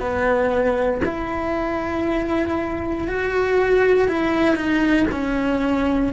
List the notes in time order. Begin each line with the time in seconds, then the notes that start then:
0.00 B3
1.05 E4
3.08 F#4
4.09 E4
4.56 D#4
5.12 C#4